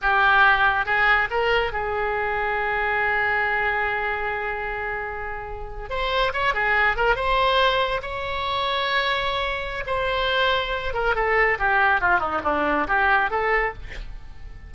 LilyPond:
\new Staff \with { instrumentName = "oboe" } { \time 4/4 \tempo 4 = 140 g'2 gis'4 ais'4 | gis'1~ | gis'1~ | gis'4.~ gis'16 c''4 cis''8 gis'8.~ |
gis'16 ais'8 c''2 cis''4~ cis''16~ | cis''2. c''4~ | c''4. ais'8 a'4 g'4 | f'8 dis'8 d'4 g'4 a'4 | }